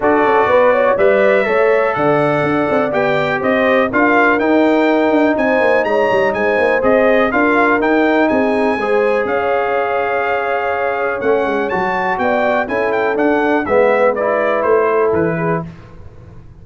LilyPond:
<<
  \new Staff \with { instrumentName = "trumpet" } { \time 4/4 \tempo 4 = 123 d''2 e''2 | fis''2 g''4 dis''4 | f''4 g''2 gis''4 | ais''4 gis''4 dis''4 f''4 |
g''4 gis''2 f''4~ | f''2. fis''4 | a''4 g''4 gis''8 g''8 fis''4 | e''4 d''4 c''4 b'4 | }
  \new Staff \with { instrumentName = "horn" } { \time 4/4 a'4 b'8 cis''8 d''4 cis''4 | d''2. c''4 | ais'2. c''4 | cis''4 c''2 ais'4~ |
ais'4 gis'4 c''4 cis''4~ | cis''1~ | cis''4 d''4 a'2 | b'2~ b'8 a'4 gis'8 | }
  \new Staff \with { instrumentName = "trombone" } { \time 4/4 fis'2 b'4 a'4~ | a'2 g'2 | f'4 dis'2.~ | dis'2 gis'4 f'4 |
dis'2 gis'2~ | gis'2. cis'4 | fis'2 e'4 d'4 | b4 e'2. | }
  \new Staff \with { instrumentName = "tuba" } { \time 4/4 d'8 cis'8 b4 g4 a4 | d4 d'8 c'8 b4 c'4 | d'4 dis'4. d'8 c'8 ais8 | gis8 g8 gis8 ais8 c'4 d'4 |
dis'4 c'4 gis4 cis'4~ | cis'2. a8 gis8 | fis4 b4 cis'4 d'4 | gis2 a4 e4 | }
>>